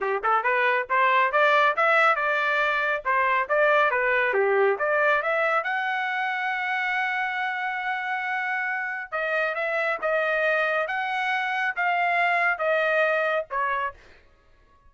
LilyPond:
\new Staff \with { instrumentName = "trumpet" } { \time 4/4 \tempo 4 = 138 g'8 a'8 b'4 c''4 d''4 | e''4 d''2 c''4 | d''4 b'4 g'4 d''4 | e''4 fis''2.~ |
fis''1~ | fis''4 dis''4 e''4 dis''4~ | dis''4 fis''2 f''4~ | f''4 dis''2 cis''4 | }